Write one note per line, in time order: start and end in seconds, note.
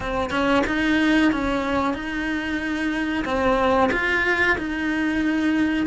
0.00 0.30 C4
0.30 0.63 C#4
0.66 1.32 D#4
1.32 1.94 C#4
1.94 3.24 D#4
3.24 3.90 C4
3.92 4.57 F4
4.58 5.86 D#4